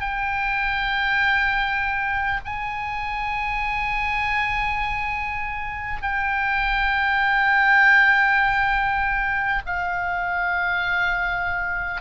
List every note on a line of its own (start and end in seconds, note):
0.00 2.40 G5
2.45 6.02 G#5
6.02 9.62 G5
9.65 12.01 F5